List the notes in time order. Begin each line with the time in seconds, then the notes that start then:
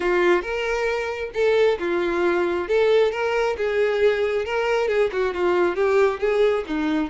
0.00 F4
0.42 A#4
1.34 A4
1.79 F4
2.68 A4
3.11 A#4
3.57 G#4
4.45 A#4
4.88 G#4
5.12 F#4
5.34 F4
5.75 G4
6.19 G#4
6.66 D#4